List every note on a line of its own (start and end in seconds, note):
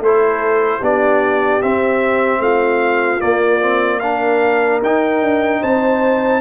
0.00 0.80 A3
0.00 0.82 E4
0.00 0.80 A4
0.00 0.85 C5
0.80 1.62 B3
0.80 1.62 D4
0.80 2.40 G4
0.80 1.62 D5
1.62 2.40 C4
1.62 3.20 C4
1.62 2.42 E5
2.40 3.20 A3
2.40 4.02 F4
2.40 3.21 F5
3.20 3.60 A#3
3.20 4.82 A#3
3.20 4.00 D5
3.61 4.01 C4
4.00 4.83 D4
4.00 5.61 A#4
4.00 4.80 F5
4.82 5.22 D#4
4.82 6.41 D#4
4.82 5.63 G5
5.23 5.62 D4
5.61 6.41 C4
5.61 6.41 C5
5.61 6.41 A5